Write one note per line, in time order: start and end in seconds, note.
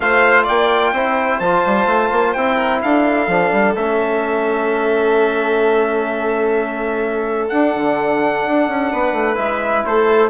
0.00 0.47 A3
0.00 0.95 F4
0.00 0.44 C5
0.00 0.46 F5
0.44 0.92 A#3
0.44 0.91 D5
0.44 1.39 G5
0.91 1.39 C4
0.91 1.42 E4
0.91 2.55 C5
1.39 1.63 F3
1.39 2.36 F4
1.39 2.33 A5
1.66 1.86 G3
1.86 2.09 A3
2.11 2.35 A#3
2.33 2.82 C4
2.33 3.29 E4
2.33 2.80 G5
2.55 2.78 A#4
2.82 3.27 D4
2.82 8.92 A4
2.82 3.75 F5
3.27 3.51 F3
3.27 3.76 D4
3.51 3.75 G3
3.76 7.51 A3
3.76 7.50 C#4
3.76 7.48 E5
7.48 9.35 D4
7.48 7.75 D4
7.48 9.36 F#5
7.75 8.45 D3
8.45 8.67 D4
8.67 8.91 C#4
8.92 9.12 B3
8.92 9.85 B4
9.12 9.35 A3
9.35 9.84 G#3
9.35 10.28 E4
9.35 9.84 E5
9.85 10.30 A3
9.85 10.30 A4
9.85 10.30 C5